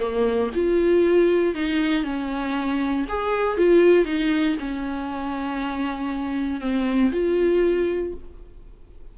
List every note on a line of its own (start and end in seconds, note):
0.00 0.51 A#3
0.55 1.55 F4
1.55 2.04 D#4
2.04 3.06 C#4
3.09 3.58 G#4
3.58 4.06 F4
4.06 4.56 D#4
4.60 6.61 C#4
6.61 7.12 C4
7.12 8.14 F4